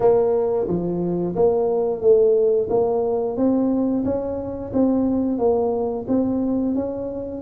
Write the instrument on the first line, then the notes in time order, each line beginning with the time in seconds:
tuba
0.00 A#3
0.67 F3
1.35 A#3
2.01 A3
2.69 A#3
3.36 C4
4.04 C#4
4.73 C4
5.38 A#3
6.08 C4
6.75 C#4